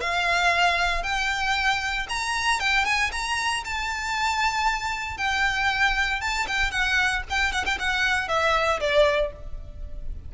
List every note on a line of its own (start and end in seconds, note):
0.00 1.03 F5
1.03 2.06 G5
2.09 2.59 A#5
2.59 2.85 G5
2.85 3.11 G#5
3.12 3.63 A#5
3.64 5.17 A5
5.17 6.20 G5
6.20 6.46 A5
6.47 6.71 G5
6.71 7.22 F#5
7.30 7.52 G5
7.52 7.65 F#5
7.65 7.78 G5
7.78 8.28 F#5
8.28 8.80 E5
8.80 9.32 D5